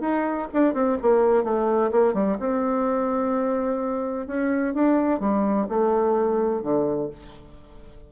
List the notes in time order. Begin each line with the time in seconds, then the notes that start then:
0.00 D#4
0.53 D4
0.73 C4
1.02 A#3
1.43 A3
1.91 A#3
2.13 G3
2.39 C4
4.26 C#4
4.74 D4
5.19 G3
5.68 A3
6.62 D3